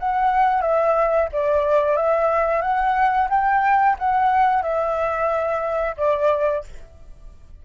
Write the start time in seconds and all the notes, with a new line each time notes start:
0.00 F#5
0.62 E5
1.33 D5
1.97 E5
2.62 F#5
3.30 G5
3.99 F#5
4.63 E5
5.98 D5